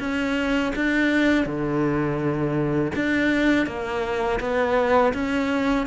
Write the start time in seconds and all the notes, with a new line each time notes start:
0.00 C#4
0.76 D4
1.46 D3
2.96 D4
3.67 A#3
4.40 B3
5.14 C#4